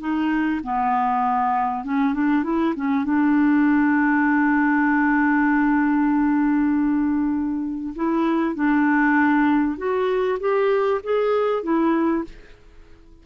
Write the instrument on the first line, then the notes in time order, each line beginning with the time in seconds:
clarinet
0.00 D#4
0.63 B3
1.84 C#4
2.14 D4
2.44 E4
2.76 C#4
3.04 D4
7.95 E4
8.55 D4
9.77 F#4
10.40 G4
11.03 G#4
11.63 E4